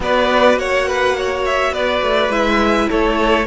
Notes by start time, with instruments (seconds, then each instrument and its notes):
0.00 cello B3, viola F#4, violin B4 D5
0.56 cello A#3, violin C#5 F#5
0.87 violin B4
1.17 violin C#5
1.45 violin E5
1.72 cello B3, violin B4 D5
2.01 cello A3
2.29 cello G#3, viola E4, violin E5
2.88 cello A3, violin A4 C#5